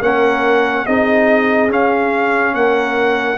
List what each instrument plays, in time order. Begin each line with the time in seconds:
0.00 tuba A#3, trombone C#4, horn A#4, trumpet F#5
0.86 tuba C4, trombone D#4, horn G#4, trumpet D#5
1.68 trombone C#4, tuba C#4, trumpet F5
2.54 tuba A#3, horn A#4, trumpet F#5